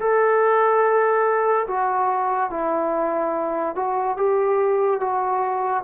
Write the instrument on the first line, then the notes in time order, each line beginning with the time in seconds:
trombone
0.00 A4
1.67 F#4
2.50 E4
3.75 F#4
4.17 G4
5.00 F#4